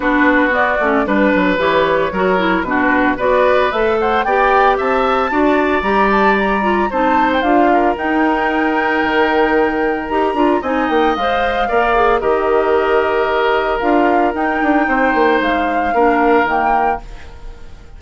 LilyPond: <<
  \new Staff \with { instrumentName = "flute" } { \time 4/4 \tempo 4 = 113 b'4 d''4 b'4 cis''4~ | cis''4 b'4 d''4 e''8 fis''8 | g''4 a''2 ais''8 a''8 | ais''4 a''8. g''16 f''4 g''4~ |
g''2. ais''4 | gis''8 g''8 f''2 dis''4~ | dis''2 f''4 g''4~ | g''4 f''2 g''4 | }
  \new Staff \with { instrumentName = "oboe" } { \time 4/4 fis'2 b'2 | ais'4 fis'4 b'4. c''8 | d''4 e''4 d''2~ | d''4 c''4. ais'4.~ |
ais'1 | dis''2 d''4 ais'4~ | ais'1 | c''2 ais'2 | }
  \new Staff \with { instrumentName = "clarinet" } { \time 4/4 d'4 b8 cis'8 d'4 g'4 | fis'8 e'8 d'4 fis'4 a'4 | g'2 fis'4 g'4~ | g'8 f'8 dis'4 f'4 dis'4~ |
dis'2. g'8 f'8 | dis'4 c''4 ais'8 gis'8 g'4~ | g'2 f'4 dis'4~ | dis'2 d'4 ais4 | }
  \new Staff \with { instrumentName = "bassoon" } { \time 4/4 b4. a8 g8 fis8 e4 | fis4 b,4 b4 a4 | b4 c'4 d'4 g4~ | g4 c'4 d'4 dis'4~ |
dis'4 dis2 dis'8 d'8 | c'8 ais8 gis4 ais4 dis4~ | dis2 d'4 dis'8 d'8 | c'8 ais8 gis4 ais4 dis4 | }
>>